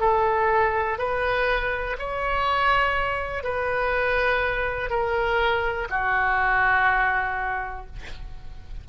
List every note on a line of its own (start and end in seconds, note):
0.00 0.98 A4
0.98 1.97 B4
1.99 3.43 C#5
3.43 4.90 B4
4.90 5.88 A#4
5.90 7.86 F#4